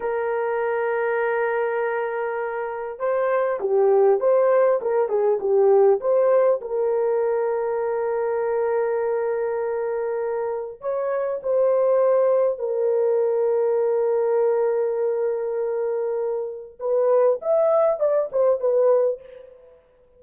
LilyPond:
\new Staff \with { instrumentName = "horn" } { \time 4/4 \tempo 4 = 100 ais'1~ | ais'4 c''4 g'4 c''4 | ais'8 gis'8 g'4 c''4 ais'4~ | ais'1~ |
ais'2 cis''4 c''4~ | c''4 ais'2.~ | ais'1 | b'4 e''4 d''8 c''8 b'4 | }